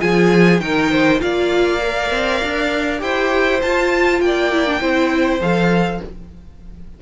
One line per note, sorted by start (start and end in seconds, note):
0.00 0.61 F3
0.00 0.60 F4
0.00 0.62 G#4
0.00 0.61 G#5
0.60 1.21 D#3
0.60 1.20 D#4
0.60 0.92 A#4
0.60 1.21 G5
0.92 1.22 C5
1.20 2.11 A#3
1.20 1.80 F4
1.20 3.02 D5
1.20 3.02 F5
1.81 2.99 A#4
2.11 2.41 C4
2.44 3.02 D4
2.99 3.62 E4
2.99 3.59 G4
2.99 4.22 C5
2.99 3.62 G5
3.62 4.21 F4
3.62 4.53 F4
3.62 4.21 A5
4.21 4.81 A#3
4.21 4.81 D5
4.21 5.41 G5
4.53 4.67 E4
4.67 4.80 D4
4.80 5.41 C4
4.80 5.41 E4
4.80 6.01 C5
5.41 6.01 F3
5.41 6.02 A4
5.41 6.02 F5